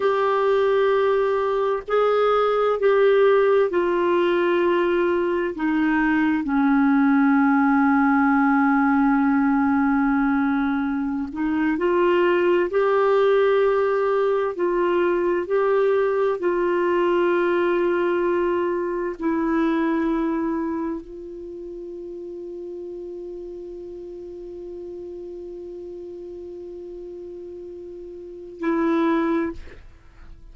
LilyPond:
\new Staff \with { instrumentName = "clarinet" } { \time 4/4 \tempo 4 = 65 g'2 gis'4 g'4 | f'2 dis'4 cis'4~ | cis'1~ | cis'16 dis'8 f'4 g'2 f'16~ |
f'8. g'4 f'2~ f'16~ | f'8. e'2 f'4~ f'16~ | f'1~ | f'2. e'4 | }